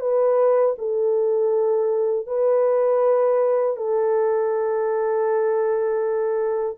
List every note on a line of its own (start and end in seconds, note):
0.00 0.75 B4
0.78 2.26 A4
2.26 3.76 B4
3.76 6.76 A4